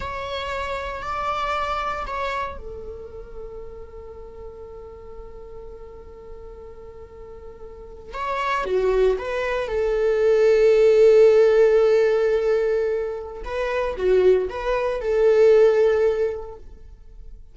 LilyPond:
\new Staff \with { instrumentName = "viola" } { \time 4/4 \tempo 4 = 116 cis''2 d''2 | cis''4 a'2.~ | a'1~ | a'2.~ a'8. cis''16~ |
cis''8. fis'4 b'4 a'4~ a'16~ | a'1~ | a'2 b'4 fis'4 | b'4 a'2. | }